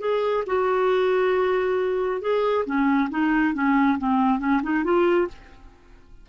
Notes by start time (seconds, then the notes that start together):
0.00 G#4
0.46 F#4
2.21 G#4
2.65 C#4
3.10 D#4
3.54 C#4
3.98 C4
4.39 C#4
4.63 D#4
4.84 F4